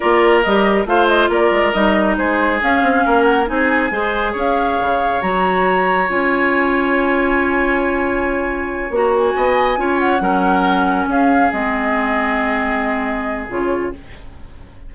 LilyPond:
<<
  \new Staff \with { instrumentName = "flute" } { \time 4/4 \tempo 4 = 138 d''4 dis''4 f''8 dis''8 d''4 | dis''4 c''4 f''4. fis''8 | gis''2 f''2 | ais''2 gis''2~ |
gis''1~ | gis''8 ais''8 gis''2 fis''4~ | fis''4. f''4 dis''4.~ | dis''2. cis''4 | }
  \new Staff \with { instrumentName = "oboe" } { \time 4/4 ais'2 c''4 ais'4~ | ais'4 gis'2 ais'4 | gis'4 c''4 cis''2~ | cis''1~ |
cis''1~ | cis''4. dis''4 cis''4 ais'8~ | ais'4. gis'2~ gis'8~ | gis'1 | }
  \new Staff \with { instrumentName = "clarinet" } { \time 4/4 f'4 g'4 f'2 | dis'2 cis'2 | dis'4 gis'2. | fis'2 f'2~ |
f'1~ | f'8 fis'2 f'4 cis'8~ | cis'2~ cis'8 c'4.~ | c'2. f'4 | }
  \new Staff \with { instrumentName = "bassoon" } { \time 4/4 ais4 g4 a4 ais8 gis8 | g4 gis4 cis'8 c'8 ais4 | c'4 gis4 cis'4 cis4 | fis2 cis'2~ |
cis'1~ | cis'8 ais4 b4 cis'4 fis8~ | fis4. cis'4 gis4.~ | gis2. cis4 | }
>>